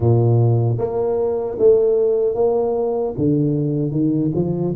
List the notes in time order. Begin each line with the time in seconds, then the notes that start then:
0.00 A#2
0.78 A#3
1.58 A3
2.35 A#3
3.17 D3
3.91 D#3
4.35 F3